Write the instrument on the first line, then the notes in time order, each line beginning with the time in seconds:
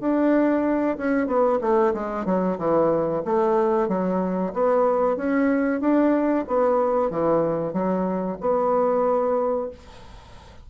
bassoon
0.00 D4
0.97 C#4
1.27 B3
1.61 A3
1.94 G#3
2.25 F#3
2.58 E3
3.25 A3
3.88 F#3
4.53 B3
5.16 C#4
5.80 D4
6.47 B3
7.10 E3
7.73 F#3
8.40 B3